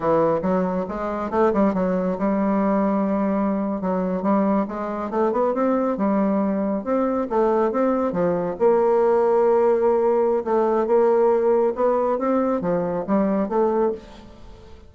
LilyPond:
\new Staff \with { instrumentName = "bassoon" } { \time 4/4 \tempo 4 = 138 e4 fis4 gis4 a8 g8 | fis4 g2.~ | g8. fis4 g4 gis4 a16~ | a16 b8 c'4 g2 c'16~ |
c'8. a4 c'4 f4 ais16~ | ais1 | a4 ais2 b4 | c'4 f4 g4 a4 | }